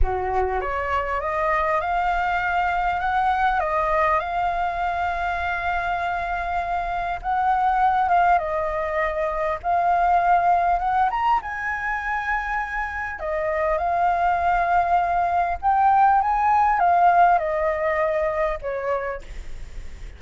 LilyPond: \new Staff \with { instrumentName = "flute" } { \time 4/4 \tempo 4 = 100 fis'4 cis''4 dis''4 f''4~ | f''4 fis''4 dis''4 f''4~ | f''1 | fis''4. f''8 dis''2 |
f''2 fis''8 ais''8 gis''4~ | gis''2 dis''4 f''4~ | f''2 g''4 gis''4 | f''4 dis''2 cis''4 | }